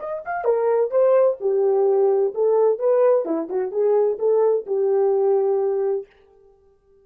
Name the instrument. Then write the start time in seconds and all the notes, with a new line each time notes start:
horn
0.00 D#5
0.26 F5
0.45 A#4
0.91 C5
1.41 G4
2.34 A4
2.79 B4
3.26 E4
3.49 F#4
3.72 G#4
4.19 A4
4.67 G4